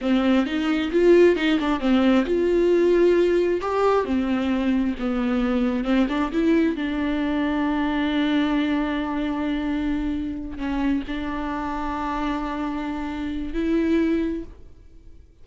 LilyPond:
\new Staff \with { instrumentName = "viola" } { \time 4/4 \tempo 4 = 133 c'4 dis'4 f'4 dis'8 d'8 | c'4 f'2. | g'4 c'2 b4~ | b4 c'8 d'8 e'4 d'4~ |
d'1~ | d'2.~ d'8 cis'8~ | cis'8 d'2.~ d'8~ | d'2 e'2 | }